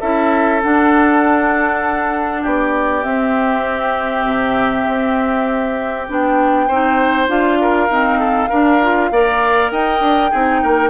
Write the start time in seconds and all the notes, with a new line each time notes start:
0.00 C#4 E4 A4 E5
0.62 D4 F#5
2.42 B3 G4 D5
3.03 C4 E5
4.24 C3
4.87 C4
6.07 B3 D4 G5
6.67 C4 D#4 C5
7.28 D4 F4 F5
7.61 A#4
7.89 C4 D#4
8.19 A4
8.49 D4 A#4
8.82 F4
9.11 A#3 A#4 D5
9.70 D#4 D#5 G5
10.00 D4
10.30 C4 D#4 G#4
10.62 A#3 A#4